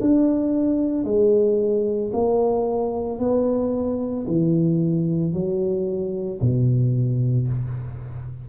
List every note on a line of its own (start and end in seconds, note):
0.00 1.04 D4
1.04 2.11 G#3
2.13 3.19 A#3
3.19 4.26 B3
4.27 5.33 E3
5.33 6.40 F#3
6.40 7.48 B2